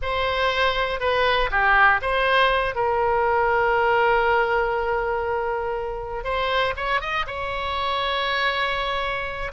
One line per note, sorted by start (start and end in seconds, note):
0.02 1.00 C5
1.00 1.50 B4
1.50 2.00 G4
2.01 2.75 C5
2.75 6.24 A#4
6.24 6.74 C5
6.76 7.00 C#5
7.00 7.25 D#5
7.27 9.52 C#5